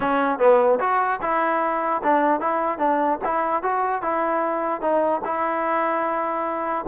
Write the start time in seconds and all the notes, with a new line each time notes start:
0.00 C#4
0.38 B3
0.79 F#4
1.21 E4
2.03 D4
2.40 E4
2.78 D4
3.24 E4
3.62 F#4
4.02 E4
4.81 D#4
5.24 E4